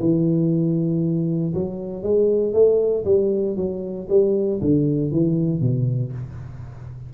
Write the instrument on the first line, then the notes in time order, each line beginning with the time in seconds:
tuba
0.00 E3
1.54 F#3
2.03 G#3
2.53 A3
3.05 G3
3.57 F#3
4.10 G3
4.62 D3
5.12 E3
5.61 B2